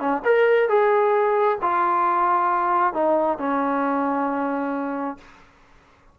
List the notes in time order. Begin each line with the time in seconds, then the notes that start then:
0.00 C#4
0.24 A#4
0.69 G#4
1.61 F4
2.93 D#4
3.38 C#4